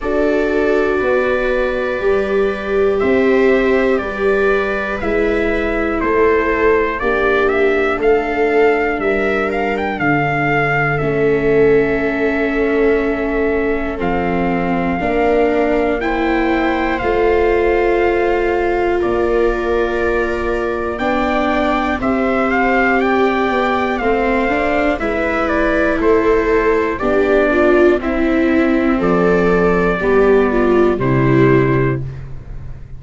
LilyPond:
<<
  \new Staff \with { instrumentName = "trumpet" } { \time 4/4 \tempo 4 = 60 d''2. e''4 | d''4 e''4 c''4 d''8 e''8 | f''4 e''8 f''16 g''16 f''4 e''4~ | e''2 f''2 |
g''4 f''2 d''4~ | d''4 g''4 e''8 f''8 g''4 | f''4 e''8 d''8 c''4 d''4 | e''4 d''2 c''4 | }
  \new Staff \with { instrumentName = "viola" } { \time 4/4 a'4 b'2 c''4 | b'2 a'4 g'4 | a'4 ais'4 a'2~ | a'2. ais'4 |
c''2. ais'4~ | ais'4 d''4 c''4 d''4 | c''4 b'4 a'4 g'8 f'8 | e'4 a'4 g'8 f'8 e'4 | }
  \new Staff \with { instrumentName = "viola" } { \time 4/4 fis'2 g'2~ | g'4 e'2 d'4~ | d'2. cis'4~ | cis'2 c'4 d'4 |
e'4 f'2.~ | f'4 d'4 g'2 | c'8 d'8 e'2 d'4 | c'2 b4 g4 | }
  \new Staff \with { instrumentName = "tuba" } { \time 4/4 d'4 b4 g4 c'4 | g4 gis4 a4 ais4 | a4 g4 d4 a4~ | a2 f4 ais4~ |
ais4 a2 ais4~ | ais4 b4 c'4. b8 | a4 gis4 a4 b4 | c'4 f4 g4 c4 | }
>>